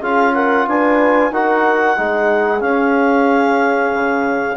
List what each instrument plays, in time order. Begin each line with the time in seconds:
0.00 bassoon C#4, trombone F4, horn G#4, clarinet F5
0.34 horn A#4, clarinet F#5
0.68 bassoon D4, horn B4, clarinet G#5
1.31 bassoon D#4, trombone F#4, horn A#4, clarinet F#5
1.97 bassoon G#3, trombone D#4, horn G#4
2.59 trombone C#4, bassoon C#4, clarinet F5
3.93 bassoon C#3